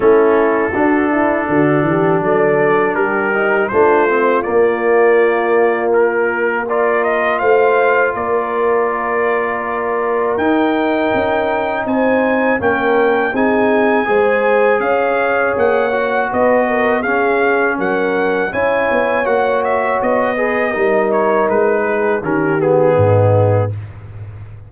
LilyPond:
<<
  \new Staff \with { instrumentName = "trumpet" } { \time 4/4 \tempo 4 = 81 a'2. d''4 | ais'4 c''4 d''2 | ais'4 d''8 dis''8 f''4 d''4~ | d''2 g''2 |
gis''4 g''4 gis''2 | f''4 fis''4 dis''4 f''4 | fis''4 gis''4 fis''8 e''8 dis''4~ | dis''8 cis''8 b'4 ais'8 gis'4. | }
  \new Staff \with { instrumentName = "horn" } { \time 4/4 e'4 fis'8 e'8 fis'8 g'8 a'4 | g'4 f'2.~ | f'4 ais'4 c''4 ais'4~ | ais'1 |
c''4 ais'4 gis'4 c''4 | cis''2 b'8 ais'8 gis'4 | ais'4 cis''2~ cis''8 b'8 | ais'4. gis'8 g'4 dis'4 | }
  \new Staff \with { instrumentName = "trombone" } { \time 4/4 cis'4 d'2.~ | d'8 dis'8 d'8 c'8 ais2~ | ais4 f'2.~ | f'2 dis'2~ |
dis'4 cis'4 dis'4 gis'4~ | gis'4. fis'4. cis'4~ | cis'4 e'4 fis'4. gis'8 | dis'2 cis'8 b4. | }
  \new Staff \with { instrumentName = "tuba" } { \time 4/4 a4 d'4 d8 e8 fis4 | g4 a4 ais2~ | ais2 a4 ais4~ | ais2 dis'4 cis'4 |
c'4 ais4 c'4 gis4 | cis'4 ais4 b4 cis'4 | fis4 cis'8 b8 ais4 b4 | g4 gis4 dis4 gis,4 | }
>>